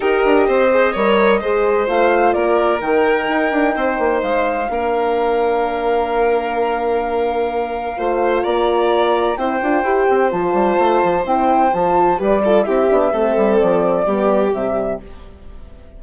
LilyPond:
<<
  \new Staff \with { instrumentName = "flute" } { \time 4/4 \tempo 4 = 128 dis''1 | f''4 d''4 g''2~ | g''4 f''2.~ | f''1~ |
f''2 ais''2 | g''2 a''2 | g''4 a''4 d''4 e''4~ | e''4 d''2 e''4 | }
  \new Staff \with { instrumentName = "violin" } { \time 4/4 ais'4 c''4 cis''4 c''4~ | c''4 ais'2. | c''2 ais'2~ | ais'1~ |
ais'4 c''4 d''2 | c''1~ | c''2 b'8 a'8 g'4 | a'2 g'2 | }
  \new Staff \with { instrumentName = "horn" } { \time 4/4 g'4. gis'8 ais'4 gis'4 | f'2 dis'2~ | dis'2 d'2~ | d'1~ |
d'4 f'2. | e'8 f'8 g'4 f'2 | e'4 f'4 g'8 f'8 e'8 d'8 | c'2 b4 g4 | }
  \new Staff \with { instrumentName = "bassoon" } { \time 4/4 dis'8 d'8 c'4 g4 gis4 | a4 ais4 dis4 dis'8 d'8 | c'8 ais8 gis4 ais2~ | ais1~ |
ais4 a4 ais2 | c'8 d'8 e'8 c'8 f8 g8 a8 f8 | c'4 f4 g4 c'8 b8 | a8 g8 f4 g4 c4 | }
>>